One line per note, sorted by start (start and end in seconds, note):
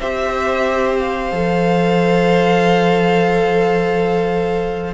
0.00 1.32 C4
0.00 1.32 G4
0.00 4.94 C5
0.00 0.99 E5
0.99 4.94 F5
1.32 4.94 F3
1.32 4.94 A4